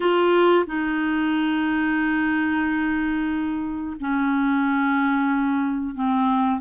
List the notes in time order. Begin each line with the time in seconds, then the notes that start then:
0.00 F4
0.67 D#4
4.00 C#4
5.94 C4